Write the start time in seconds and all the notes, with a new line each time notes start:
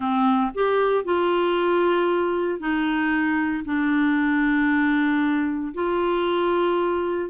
0.00 C4
0.54 G4
1.04 F4
2.59 D#4
3.64 D4
5.74 F4